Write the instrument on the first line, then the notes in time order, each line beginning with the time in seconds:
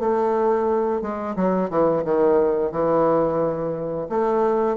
bassoon
0.00 A3
1.02 G#3
1.36 F#3
1.70 E3
2.05 D#3
2.72 E3
4.10 A3